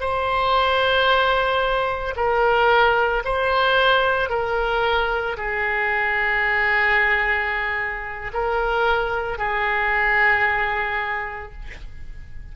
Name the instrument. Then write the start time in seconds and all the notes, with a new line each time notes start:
oboe
0.00 C5
2.16 A#4
3.24 C5
4.29 A#4
5.37 G#4
8.33 A#4
9.38 G#4